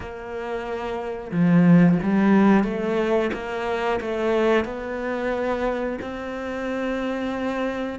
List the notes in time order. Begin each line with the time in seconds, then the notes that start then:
0.00 A#3
1.31 F3
2.02 G3
2.64 A3
3.33 A#3
4.00 A3
4.65 B3
6.01 C4